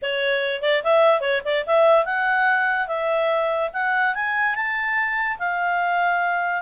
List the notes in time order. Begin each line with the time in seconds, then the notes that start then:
0.02 C#5
0.62 D5
0.83 E5
1.20 C#5
1.44 D5
1.66 E5
2.05 F#5
2.87 E5
3.73 F#5
4.14 G#5
4.55 A5
5.38 F5